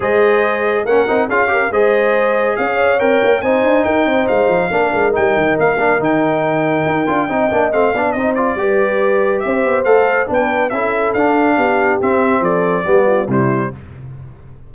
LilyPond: <<
  \new Staff \with { instrumentName = "trumpet" } { \time 4/4 \tempo 4 = 140 dis''2 fis''4 f''4 | dis''2 f''4 g''4 | gis''4 g''4 f''2 | g''4 f''4 g''2~ |
g''2 f''4 dis''8 d''8~ | d''2 e''4 f''4 | g''4 e''4 f''2 | e''4 d''2 c''4 | }
  \new Staff \with { instrumentName = "horn" } { \time 4/4 c''2 ais'4 gis'8 ais'8 | c''2 cis''2 | c''4 ais'8 c''4. ais'4~ | ais'1~ |
ais'4 dis''4. d''8 c''4 | b'2 c''2 | b'4 a'2 g'4~ | g'4 a'4 g'8 f'8 e'4 | }
  \new Staff \with { instrumentName = "trombone" } { \time 4/4 gis'2 cis'8 dis'8 f'8 g'8 | gis'2. ais'4 | dis'2. d'4 | dis'4. d'8 dis'2~ |
dis'8 f'8 dis'8 d'8 c'8 d'8 dis'8 f'8 | g'2. a'4 | d'4 e'4 d'2 | c'2 b4 g4 | }
  \new Staff \with { instrumentName = "tuba" } { \time 4/4 gis2 ais8 c'8 cis'4 | gis2 cis'4 c'8 ais8 | c'8 d'8 dis'8 c'8 gis8 f8 ais8 gis8 | g8 dis8 ais4 dis2 |
dis'8 d'8 c'8 ais8 a8 b8 c'4 | g2 c'8 b8 a4 | b4 cis'4 d'4 b4 | c'4 f4 g4 c4 | }
>>